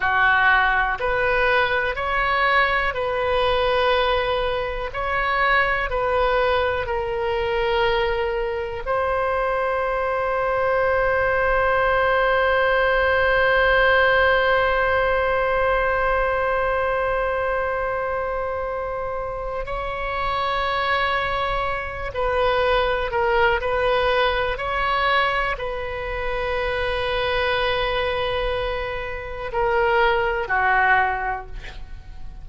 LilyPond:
\new Staff \with { instrumentName = "oboe" } { \time 4/4 \tempo 4 = 61 fis'4 b'4 cis''4 b'4~ | b'4 cis''4 b'4 ais'4~ | ais'4 c''2.~ | c''1~ |
c''1 | cis''2~ cis''8 b'4 ais'8 | b'4 cis''4 b'2~ | b'2 ais'4 fis'4 | }